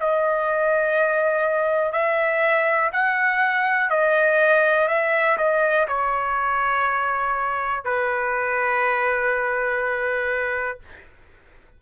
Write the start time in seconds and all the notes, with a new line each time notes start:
0.00 D#5
1.92 E5
2.92 F#5
3.90 D#5
4.88 E5
5.38 D#5
5.88 C#5
7.85 B4